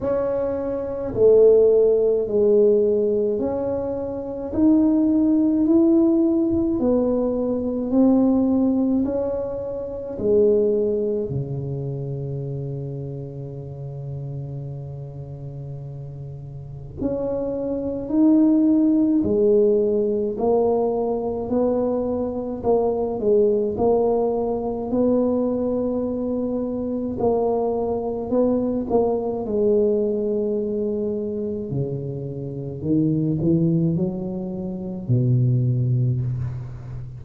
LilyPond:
\new Staff \with { instrumentName = "tuba" } { \time 4/4 \tempo 4 = 53 cis'4 a4 gis4 cis'4 | dis'4 e'4 b4 c'4 | cis'4 gis4 cis2~ | cis2. cis'4 |
dis'4 gis4 ais4 b4 | ais8 gis8 ais4 b2 | ais4 b8 ais8 gis2 | cis4 dis8 e8 fis4 b,4 | }